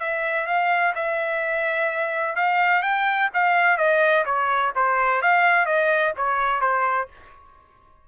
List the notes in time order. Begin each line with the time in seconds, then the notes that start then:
0.00 E5
0.47 F5
0.95 E5
2.36 F5
2.82 G5
3.34 F5
3.78 D#5
4.25 C#5
4.75 C5
5.22 F5
5.66 D#5
6.17 C#5
6.61 C5